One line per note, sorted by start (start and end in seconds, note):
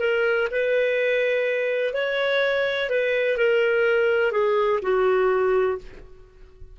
0.00 0.48 A#4
0.51 1.94 B4
1.94 2.90 C#5
2.90 3.37 B4
3.37 4.32 A#4
4.32 4.80 G#4
4.82 5.78 F#4